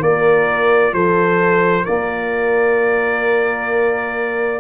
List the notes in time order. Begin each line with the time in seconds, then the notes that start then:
0.00 A#3 F4 A#4 D5
0.93 F3 A4 C5
1.83 A#3 A#4 D5